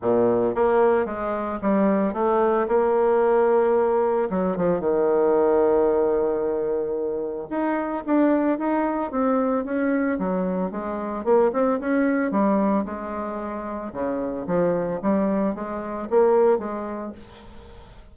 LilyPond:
\new Staff \with { instrumentName = "bassoon" } { \time 4/4 \tempo 4 = 112 ais,4 ais4 gis4 g4 | a4 ais2. | fis8 f8 dis2.~ | dis2 dis'4 d'4 |
dis'4 c'4 cis'4 fis4 | gis4 ais8 c'8 cis'4 g4 | gis2 cis4 f4 | g4 gis4 ais4 gis4 | }